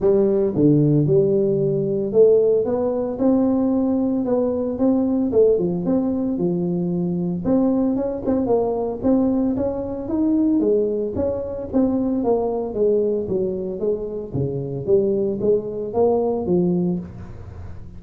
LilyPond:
\new Staff \with { instrumentName = "tuba" } { \time 4/4 \tempo 4 = 113 g4 d4 g2 | a4 b4 c'2 | b4 c'4 a8 f8 c'4 | f2 c'4 cis'8 c'8 |
ais4 c'4 cis'4 dis'4 | gis4 cis'4 c'4 ais4 | gis4 fis4 gis4 cis4 | g4 gis4 ais4 f4 | }